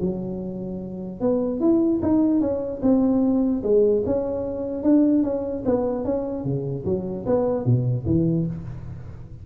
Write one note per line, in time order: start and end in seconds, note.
0.00 1.21 F#3
1.21 1.60 B3
1.60 2.00 E4
2.02 2.40 D#4
2.40 2.81 C#4
2.82 3.62 C4
3.63 4.03 G#3
4.06 4.83 C#4
4.83 5.23 D4
5.23 5.63 C#4
5.65 6.05 B3
6.05 6.44 C#4
6.44 6.84 C#3
6.85 7.25 F#3
7.26 7.65 B3
7.65 8.05 B2
8.06 8.46 E3